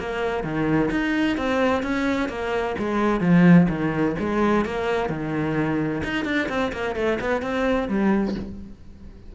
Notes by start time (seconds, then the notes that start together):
0.00 A#3
0.44 D#3
0.91 D#4
1.37 C4
1.83 C#4
2.29 A#3
2.79 G#3
3.21 F3
3.69 D#3
4.19 G#3
4.65 A#3
5.10 D#3
6.04 D#4
6.25 D4
6.49 C4
6.73 A#3
6.96 A3
7.20 B3
7.42 C4
7.88 G3